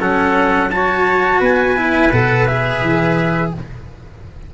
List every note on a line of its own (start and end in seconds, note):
0.00 1.41 F#3
0.00 0.71 C#4
0.00 0.71 A4
0.00 0.71 F#5
0.71 1.76 F#4
0.71 1.40 C#5
0.71 1.41 A5
1.40 2.11 B3
1.40 3.52 B4
1.40 2.13 G#5
1.76 2.12 E4
2.12 2.82 B2
2.12 2.47 A4
2.12 2.47 F#5
2.47 3.54 G#4
2.47 3.53 E5
2.82 3.52 E3